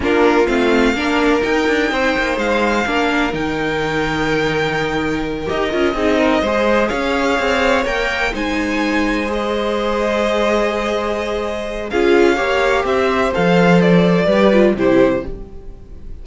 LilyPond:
<<
  \new Staff \with { instrumentName = "violin" } { \time 4/4 \tempo 4 = 126 ais'4 f''2 g''4~ | g''4 f''2 g''4~ | g''2.~ g''8 dis''8~ | dis''2~ dis''8 f''4.~ |
f''8 g''4 gis''2 dis''8~ | dis''1~ | dis''4 f''2 e''4 | f''4 d''2 c''4 | }
  \new Staff \with { instrumentName = "violin" } { \time 4/4 f'2 ais'2 | c''2 ais'2~ | ais'1~ | ais'8 gis'8 ais'8 c''4 cis''4.~ |
cis''4. c''2~ c''8~ | c''1~ | c''4 gis'4 cis''4 c''4~ | c''2 b'4 g'4 | }
  \new Staff \with { instrumentName = "viola" } { \time 4/4 d'4 c'4 d'4 dis'4~ | dis'2 d'4 dis'4~ | dis'2.~ dis'8 g'8 | f'8 dis'4 gis'2~ gis'8~ |
gis'8 ais'4 dis'2 gis'8~ | gis'1~ | gis'4 f'4 g'2 | a'2 g'8 f'8 e'4 | }
  \new Staff \with { instrumentName = "cello" } { \time 4/4 ais4 a4 ais4 dis'8 d'8 | c'8 ais8 gis4 ais4 dis4~ | dis2.~ dis8 dis'8 | cis'8 c'4 gis4 cis'4 c'8~ |
c'8 ais4 gis2~ gis8~ | gis1~ | gis4 cis'4 ais4 c'4 | f2 g4 c4 | }
>>